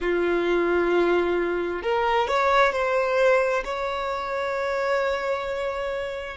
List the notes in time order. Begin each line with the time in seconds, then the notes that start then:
0.00 F4
1.82 A#4
2.27 C#5
2.72 C5
3.64 C#5